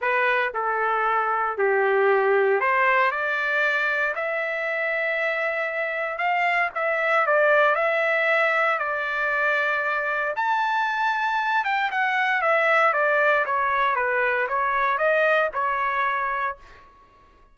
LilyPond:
\new Staff \with { instrumentName = "trumpet" } { \time 4/4 \tempo 4 = 116 b'4 a'2 g'4~ | g'4 c''4 d''2 | e''1 | f''4 e''4 d''4 e''4~ |
e''4 d''2. | a''2~ a''8 g''8 fis''4 | e''4 d''4 cis''4 b'4 | cis''4 dis''4 cis''2 | }